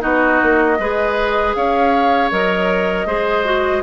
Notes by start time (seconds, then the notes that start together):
0.00 B3 D#4 F#4 D#5
0.43 A#3
0.79 G#3 G#4 B4
1.55 C#4 C#5 F5
2.31 F#3 A#4 D#5
3.06 G#3 G#4 C5
3.45 F#4